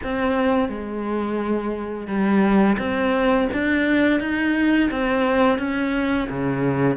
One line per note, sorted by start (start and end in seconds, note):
0.03 0.68 C4
0.68 2.07 G#3
2.07 2.77 G3
2.78 3.48 C4
3.53 4.20 D4
4.20 4.90 D#4
4.90 5.58 C4
5.58 6.28 C#4
6.29 6.96 C#3